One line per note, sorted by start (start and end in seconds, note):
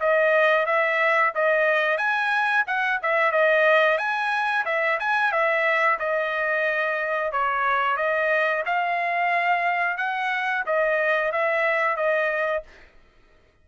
0.00 0.66 D#5
0.66 1.33 E5
1.35 1.98 D#5
1.98 2.64 G#5
2.67 3.00 F#5
3.02 3.32 E5
3.32 3.98 D#5
3.98 4.65 G#5
4.65 4.99 E5
5.00 5.32 G#5
5.32 5.98 E5
5.99 7.32 D#5
7.32 7.97 C#5
7.97 8.64 D#5
8.66 9.97 F5
9.97 10.64 F#5
10.66 11.32 D#5
11.32 11.97 E5
11.97 12.63 D#5